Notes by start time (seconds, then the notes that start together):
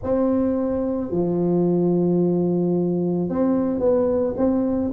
0.03 C4
1.11 F3
3.29 C4
3.79 B3
4.36 C4